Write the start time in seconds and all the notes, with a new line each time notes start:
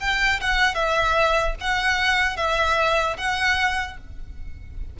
0.00 G5
0.41 F#5
0.74 E5
1.60 F#5
2.36 E5
3.17 F#5